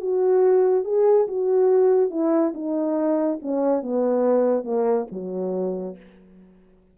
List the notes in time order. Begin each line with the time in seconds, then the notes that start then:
0.00 F#4
0.84 G#4
1.27 F#4
2.10 E4
2.54 D#4
3.42 C#4
3.82 B3
4.64 A#3
5.11 F#3